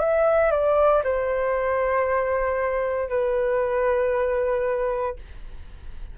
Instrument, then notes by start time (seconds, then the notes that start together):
flute
0.00 E5
0.51 D5
1.04 C5
3.09 B4